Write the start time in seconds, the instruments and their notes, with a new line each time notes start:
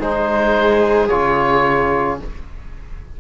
0.00 cello G#3, trombone D#4, viola G#4, oboe C5
1.08 cello C#3, trombone F4, oboe C#5